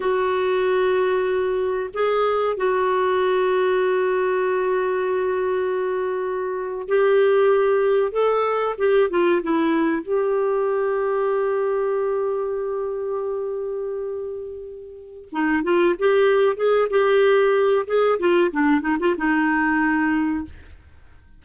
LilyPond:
\new Staff \with { instrumentName = "clarinet" } { \time 4/4 \tempo 4 = 94 fis'2. gis'4 | fis'1~ | fis'2~ fis'8. g'4~ g'16~ | g'8. a'4 g'8 f'8 e'4 g'16~ |
g'1~ | g'1 | dis'8 f'8 g'4 gis'8 g'4. | gis'8 f'8 d'8 dis'16 f'16 dis'2 | }